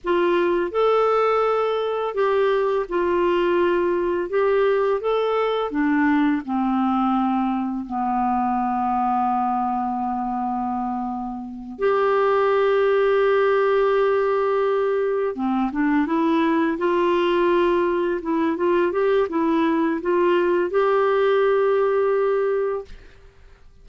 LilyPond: \new Staff \with { instrumentName = "clarinet" } { \time 4/4 \tempo 4 = 84 f'4 a'2 g'4 | f'2 g'4 a'4 | d'4 c'2 b4~ | b1~ |
b8 g'2.~ g'8~ | g'4. c'8 d'8 e'4 f'8~ | f'4. e'8 f'8 g'8 e'4 | f'4 g'2. | }